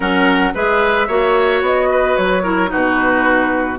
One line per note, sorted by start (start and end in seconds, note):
0.00 0.52 F#3
0.00 0.54 C#4
0.00 0.53 A#4
0.00 0.54 F#5
0.54 1.08 G#3
0.54 1.08 G#4
0.54 1.07 B4
0.54 1.63 E5
1.07 1.61 A#3
1.07 2.43 F#4
1.07 1.88 C#5
1.61 2.15 B3
1.61 2.16 D#5
1.91 2.43 B4
2.16 2.71 F#3
2.16 2.70 C#5
2.43 2.67 E4
2.43 2.70 A#4
2.67 3.75 D#4
2.67 3.78 F#4
2.67 3.78 B4
2.74 3.78 B2